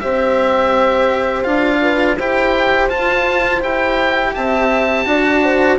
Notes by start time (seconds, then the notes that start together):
0.00 C4 G4 C5 E5
1.42 D4 F4 F5
1.82 B4
2.16 E4 G4 C5 G5
2.89 F4 A5
3.61 E4 G4 G5
4.34 C4 E5 A5
5.06 D4 F#4 D5
5.43 C5